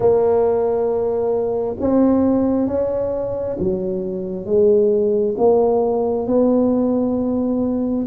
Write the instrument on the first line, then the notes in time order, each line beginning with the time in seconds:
tuba
0.00 A#3
1.80 C4
2.67 C#4
3.59 F#3
4.45 G#3
5.37 A#3
6.27 B3